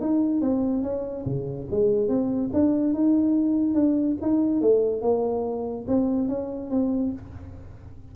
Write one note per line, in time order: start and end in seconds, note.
0.00 0.41 D#4
0.41 0.83 C4
0.83 1.25 C#4
1.25 1.67 C#3
1.70 2.08 G#3
2.08 2.50 C4
2.53 2.93 D4
2.93 3.74 D#4
3.74 4.16 D4
4.21 4.61 D#4
4.61 5.01 A3
5.01 5.85 A#3
5.87 6.28 C4
6.28 6.70 C#4
6.70 7.12 C4